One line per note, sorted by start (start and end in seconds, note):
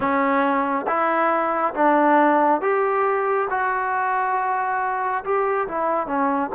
0.00 0.85 C#4
0.87 1.74 E4
1.74 2.61 D4
2.61 3.48 G4
3.50 5.24 F#4
5.24 5.68 G4
5.68 6.07 E4
6.07 6.50 C#4